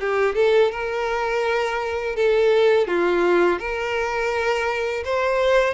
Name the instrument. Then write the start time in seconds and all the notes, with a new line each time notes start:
violin
0.00 G4
0.35 A4
0.72 A#4
2.16 A4
2.88 F4
3.59 A#4
5.05 C5